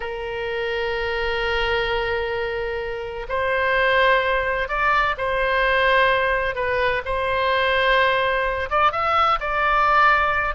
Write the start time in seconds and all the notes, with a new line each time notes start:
0.00 A#4
3.29 C5
4.68 D5
5.17 C5
6.55 B4
7.05 C5
8.70 D5
8.92 E5
9.40 D5